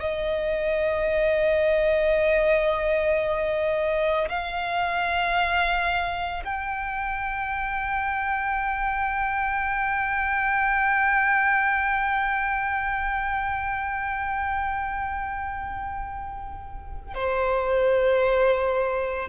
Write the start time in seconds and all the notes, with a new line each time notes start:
0.00 D#5
4.29 F5
6.44 G5
17.15 C5